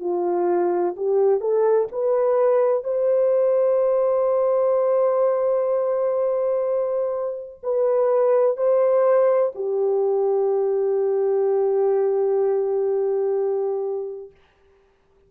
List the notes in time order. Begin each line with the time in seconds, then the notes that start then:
0.00 F4
0.97 G4
1.41 A4
1.92 B4
2.84 C5
7.64 B4
8.58 C5
9.55 G4